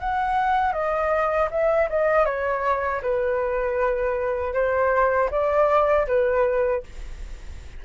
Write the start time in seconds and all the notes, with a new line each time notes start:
0.00 F#5
0.73 D#5
1.51 E5
1.90 D#5
2.25 C#5
3.02 B4
4.54 C5
5.31 D5
6.07 B4